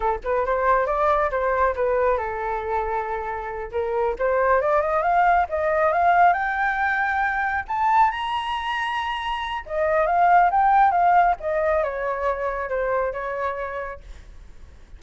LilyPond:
\new Staff \with { instrumentName = "flute" } { \time 4/4 \tempo 4 = 137 a'8 b'8 c''4 d''4 c''4 | b'4 a'2.~ | a'8 ais'4 c''4 d''8 dis''8 f''8~ | f''8 dis''4 f''4 g''4.~ |
g''4. a''4 ais''4.~ | ais''2 dis''4 f''4 | g''4 f''4 dis''4 cis''4~ | cis''4 c''4 cis''2 | }